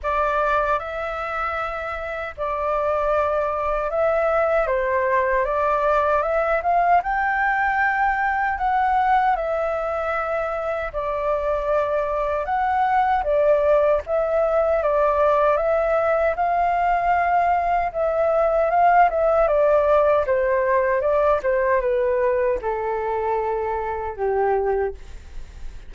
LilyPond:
\new Staff \with { instrumentName = "flute" } { \time 4/4 \tempo 4 = 77 d''4 e''2 d''4~ | d''4 e''4 c''4 d''4 | e''8 f''8 g''2 fis''4 | e''2 d''2 |
fis''4 d''4 e''4 d''4 | e''4 f''2 e''4 | f''8 e''8 d''4 c''4 d''8 c''8 | b'4 a'2 g'4 | }